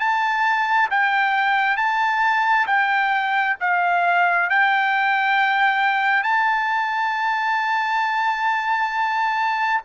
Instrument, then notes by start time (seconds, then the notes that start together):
trumpet
0.00 A5
0.90 G5
1.77 A5
2.67 G5
3.61 F5
4.50 G5
6.23 A5